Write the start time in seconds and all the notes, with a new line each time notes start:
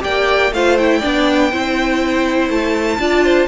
0.00 A#3 G4 D5 G5
0.51 A3 F4 C5 F5
0.77 E4 G5
0.99 D4 D5
1.06 B3
1.51 C4 E4 C5
2.49 A3 A5
2.99 D4 F4 D5
3.24 C5